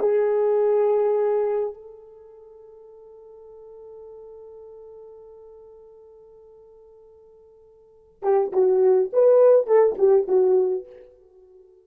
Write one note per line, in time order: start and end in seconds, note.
0.00 1.75 G#4
1.75 8.22 A4
8.23 8.52 G4
8.53 9.12 F#4
9.13 9.67 B4
9.67 9.97 A4
9.99 10.28 G4
10.28 10.87 F#4